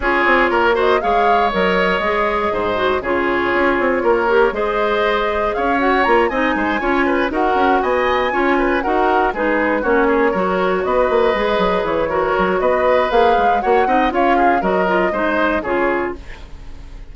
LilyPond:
<<
  \new Staff \with { instrumentName = "flute" } { \time 4/4 \tempo 4 = 119 cis''4. dis''8 f''4 dis''4~ | dis''2 cis''2~ | cis''4 dis''2 f''8 fis''8 | ais''8 gis''2 fis''4 gis''8~ |
gis''4. fis''4 b'4 cis''8~ | cis''4. dis''2 cis''8~ | cis''4 dis''4 f''4 fis''4 | f''4 dis''2 cis''4 | }
  \new Staff \with { instrumentName = "oboe" } { \time 4/4 gis'4 ais'8 c''8 cis''2~ | cis''4 c''4 gis'2 | ais'4 c''2 cis''4~ | cis''8 dis''8 c''8 cis''8 b'8 ais'4 dis''8~ |
dis''8 cis''8 b'8 ais'4 gis'4 fis'8 | gis'8 ais'4 b'2~ b'8 | ais'4 b'2 cis''8 dis''8 | cis''8 gis'8 ais'4 c''4 gis'4 | }
  \new Staff \with { instrumentName = "clarinet" } { \time 4/4 f'4. fis'8 gis'4 ais'4 | gis'4. fis'8 f'2~ | f'8 g'8 gis'2~ gis'8 fis'8 | f'8 dis'4 f'4 fis'4.~ |
fis'8 f'4 fis'4 dis'4 cis'8~ | cis'8 fis'2 gis'4. | fis'2 gis'4 fis'8 dis'8 | f'4 fis'8 f'8 dis'4 f'4 | }
  \new Staff \with { instrumentName = "bassoon" } { \time 4/4 cis'8 c'8 ais4 gis4 fis4 | gis4 gis,4 cis4 cis'8 c'8 | ais4 gis2 cis'4 | ais8 c'8 gis8 cis'4 dis'8 cis'8 b8~ |
b8 cis'4 dis'4 gis4 ais8~ | ais8 fis4 b8 ais8 gis8 fis8 e8~ | e8 fis8 b4 ais8 gis8 ais8 c'8 | cis'4 fis4 gis4 cis4 | }
>>